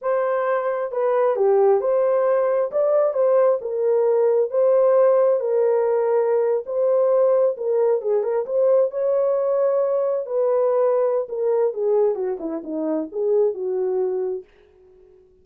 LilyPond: \new Staff \with { instrumentName = "horn" } { \time 4/4 \tempo 4 = 133 c''2 b'4 g'4 | c''2 d''4 c''4 | ais'2 c''2 | ais'2~ ais'8. c''4~ c''16~ |
c''8. ais'4 gis'8 ais'8 c''4 cis''16~ | cis''2~ cis''8. b'4~ b'16~ | b'4 ais'4 gis'4 fis'8 e'8 | dis'4 gis'4 fis'2 | }